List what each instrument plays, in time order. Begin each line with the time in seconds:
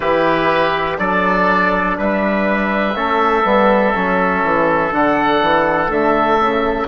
0.00 bassoon E3, trombone E4, trumpet G4, oboe B4
0.97 bassoon F#3, trombone D4, trumpet A4, oboe D5
1.98 bassoon G3, trumpet B4, oboe E5
2.95 bassoon A3, trombone C#4, trumpet A4
3.44 bassoon G3, trombone B3
3.94 bassoon F#3, trombone C#4
4.43 bassoon E3
4.91 bassoon D3, trombone D4, oboe F#5
5.41 bassoon E3
5.87 bassoon D3, trombone A3, oboe E5
6.39 bassoon C#3